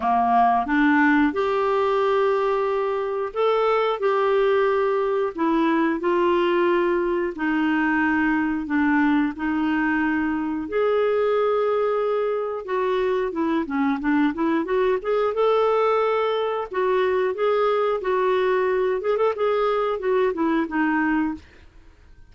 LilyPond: \new Staff \with { instrumentName = "clarinet" } { \time 4/4 \tempo 4 = 90 ais4 d'4 g'2~ | g'4 a'4 g'2 | e'4 f'2 dis'4~ | dis'4 d'4 dis'2 |
gis'2. fis'4 | e'8 cis'8 d'8 e'8 fis'8 gis'8 a'4~ | a'4 fis'4 gis'4 fis'4~ | fis'8 gis'16 a'16 gis'4 fis'8 e'8 dis'4 | }